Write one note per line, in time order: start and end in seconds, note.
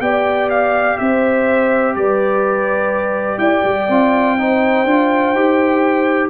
0.00 0.97 B3
0.00 3.88 G4
0.00 0.99 D5
0.00 0.49 G5
0.49 0.97 F5
0.97 1.95 C4
0.97 1.96 C5
0.97 1.94 E5
1.95 3.38 G3
1.95 3.40 B4
1.95 3.39 D5
3.38 3.62 E4
3.38 4.36 D5
3.38 6.29 G5
3.64 3.88 G3
3.89 4.85 C4
3.89 4.38 F4
4.38 4.86 D#4
4.38 6.30 C5
4.85 5.33 D4
4.85 5.35 F4
5.33 6.30 D#4
5.33 6.30 G4